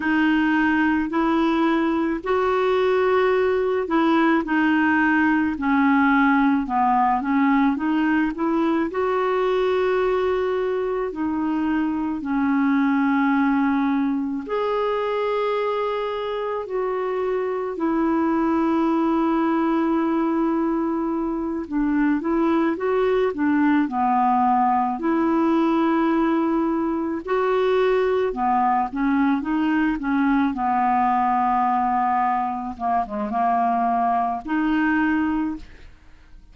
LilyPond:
\new Staff \with { instrumentName = "clarinet" } { \time 4/4 \tempo 4 = 54 dis'4 e'4 fis'4. e'8 | dis'4 cis'4 b8 cis'8 dis'8 e'8 | fis'2 dis'4 cis'4~ | cis'4 gis'2 fis'4 |
e'2.~ e'8 d'8 | e'8 fis'8 d'8 b4 e'4.~ | e'8 fis'4 b8 cis'8 dis'8 cis'8 b8~ | b4. ais16 gis16 ais4 dis'4 | }